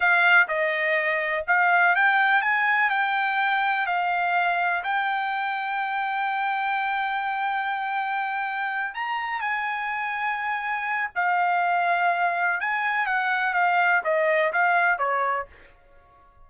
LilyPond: \new Staff \with { instrumentName = "trumpet" } { \time 4/4 \tempo 4 = 124 f''4 dis''2 f''4 | g''4 gis''4 g''2 | f''2 g''2~ | g''1~ |
g''2~ g''8 ais''4 gis''8~ | gis''2. f''4~ | f''2 gis''4 fis''4 | f''4 dis''4 f''4 cis''4 | }